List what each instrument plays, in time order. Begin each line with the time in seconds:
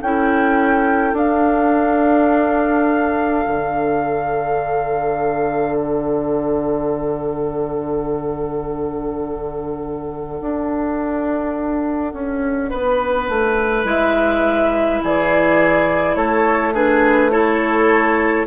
0.00 bassoon C#4, clarinet E4, oboe A4, flute G5
1.13 bassoon D4, clarinet D4, flute F5
3.47 bassoon D3
5.76 flute F#5
10.41 bassoon D4
12.13 bassoon C#4
12.70 bassoon B3, oboe B4
13.29 bassoon A3
13.85 bassoon G#3, clarinet E4, flute E5
15.03 bassoon E3, oboe G#4, flute D5
16.15 bassoon A3, oboe A4, flute C#5
16.74 clarinet D4, oboe G#4, flute B4
17.31 clarinet E4, oboe A4, flute C#5